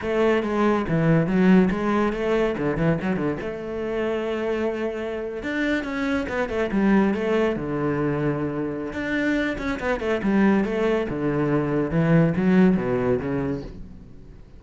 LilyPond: \new Staff \with { instrumentName = "cello" } { \time 4/4 \tempo 4 = 141 a4 gis4 e4 fis4 | gis4 a4 d8 e8 fis8 d8 | a1~ | a8. d'4 cis'4 b8 a8 g16~ |
g8. a4 d2~ d16~ | d4 d'4. cis'8 b8 a8 | g4 a4 d2 | e4 fis4 b,4 cis4 | }